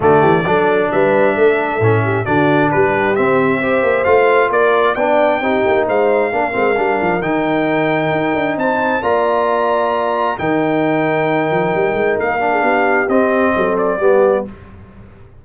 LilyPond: <<
  \new Staff \with { instrumentName = "trumpet" } { \time 4/4 \tempo 4 = 133 d''2 e''2~ | e''4 d''4 b'4 e''4~ | e''4 f''4 d''4 g''4~ | g''4 f''2. |
g''2. a''4 | ais''2. g''4~ | g''2. f''4~ | f''4 dis''4. d''4. | }
  \new Staff \with { instrumentName = "horn" } { \time 4/4 fis'8 g'8 a'4 b'4 a'4~ | a'8 g'8 fis'4 g'2 | c''2 ais'4 d''4 | g'4 c''4 ais'2~ |
ais'2. c''4 | d''2. ais'4~ | ais'2.~ ais'8. gis'16 | g'2 a'4 g'4 | }
  \new Staff \with { instrumentName = "trombone" } { \time 4/4 a4 d'2. | cis'4 d'2 c'4 | g'4 f'2 d'4 | dis'2 d'8 c'8 d'4 |
dis'1 | f'2. dis'4~ | dis'2.~ dis'8 d'8~ | d'4 c'2 b4 | }
  \new Staff \with { instrumentName = "tuba" } { \time 4/4 d8 e8 fis4 g4 a4 | a,4 d4 g4 c'4~ | c'8 ais8 a4 ais4 b4 | c'8 ais8 gis4 ais8 gis8 g8 f8 |
dis2 dis'8 d'8 c'4 | ais2. dis4~ | dis4. f8 g8 gis8 ais4 | b4 c'4 fis4 g4 | }
>>